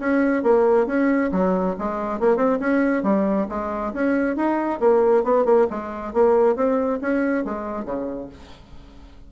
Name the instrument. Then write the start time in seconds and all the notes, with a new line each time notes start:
bassoon
0.00 C#4
0.43 A#3
0.87 C#4
1.32 F#3
1.79 G#3
2.20 A#3
2.37 C4
2.60 C#4
3.03 G3
3.49 G#3
3.94 C#4
4.36 D#4
4.80 A#3
5.24 B3
5.45 A#3
5.70 G#3
6.14 A#3
6.56 C4
7.01 C#4
7.45 G#3
7.85 C#3